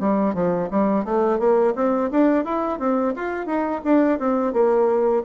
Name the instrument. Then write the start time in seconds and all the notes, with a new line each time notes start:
bassoon
0.00 G3
0.34 F3
0.71 G3
1.05 A3
1.39 A#3
1.76 C4
2.11 D4
2.45 E4
2.79 C4
3.16 F4
3.46 D#4
3.85 D4
4.19 C4
4.53 A#3